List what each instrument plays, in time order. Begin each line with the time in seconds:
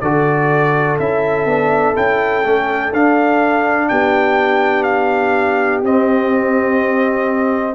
0.00 tuba D3, trombone F#4, horn A4, trumpet D5
0.99 tuba C#4, trombone E4, trumpet E5
1.45 tuba B3, trombone D4
1.94 tuba C#4, trombone E4, trumpet G5
2.44 tuba A3, trombone C#4
2.93 tuba D4, trombone D4, trumpet F5
3.88 tuba B3, horn G4, trumpet G5
4.83 trumpet F5
5.82 tuba C4, trombone C4, trumpet D#5